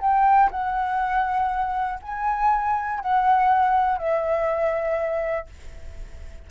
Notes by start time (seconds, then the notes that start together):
0.00 G5
0.51 F#5
2.02 G#5
3.00 F#5
3.98 E5